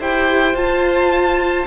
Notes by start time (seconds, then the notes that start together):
0.00 E4 G4 C5 G5
0.54 F4 A5